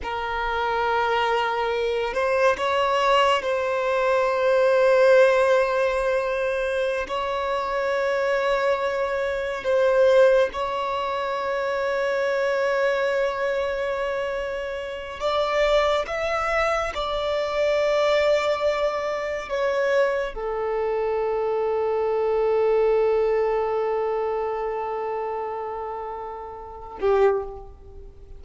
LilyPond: \new Staff \with { instrumentName = "violin" } { \time 4/4 \tempo 4 = 70 ais'2~ ais'8 c''8 cis''4 | c''1~ | c''16 cis''2. c''8.~ | c''16 cis''2.~ cis''8.~ |
cis''4.~ cis''16 d''4 e''4 d''16~ | d''2~ d''8. cis''4 a'16~ | a'1~ | a'2.~ a'8 g'8 | }